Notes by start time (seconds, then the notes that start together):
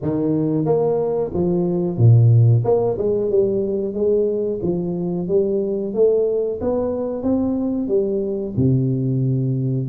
0.01 D#3
0.65 A#3
1.33 F3
1.97 A#2
2.64 A#3
2.98 G#3
3.30 G3
3.94 G#3
4.62 F3
5.27 G3
5.93 A3
6.61 B3
7.22 C4
7.88 G3
8.56 C3